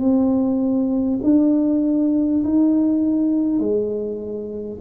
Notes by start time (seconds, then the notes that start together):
0.00 C4
1.24 D4
2.44 D#4
3.59 G#3